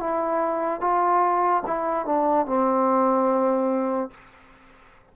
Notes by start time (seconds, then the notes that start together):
0.00 E4
0.81 F4
1.67 E4
2.06 D4
2.47 C4